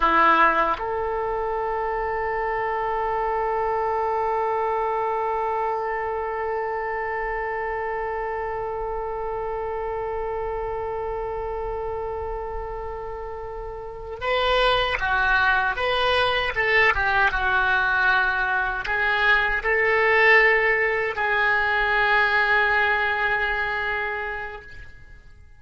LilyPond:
\new Staff \with { instrumentName = "oboe" } { \time 4/4 \tempo 4 = 78 e'4 a'2.~ | a'1~ | a'1~ | a'1~ |
a'2~ a'8 b'4 fis'8~ | fis'8 b'4 a'8 g'8 fis'4.~ | fis'8 gis'4 a'2 gis'8~ | gis'1 | }